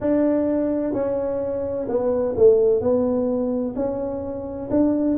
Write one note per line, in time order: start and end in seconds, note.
0.00 0.93 D4
0.93 1.87 C#4
1.88 2.35 B3
2.37 2.80 A3
2.80 3.74 B3
3.75 4.69 C#4
4.70 5.17 D4